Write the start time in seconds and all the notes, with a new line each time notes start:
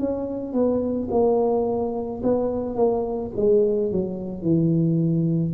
0.00 C#4
0.53 B3
1.11 A#3
2.23 B3
2.76 A#3
3.36 G#3
3.92 F#3
4.42 E3